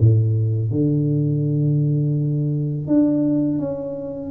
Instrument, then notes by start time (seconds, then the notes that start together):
tuba
0.00 A2
0.71 D3
2.87 D4
3.58 C#4